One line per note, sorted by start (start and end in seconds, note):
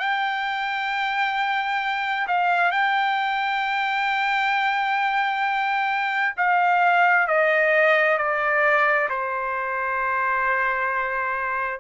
0.00 2.27 G5
2.28 2.72 F5
2.72 6.36 G5
6.38 7.28 F5
7.28 8.18 D#5
8.18 9.09 D5
9.10 11.80 C5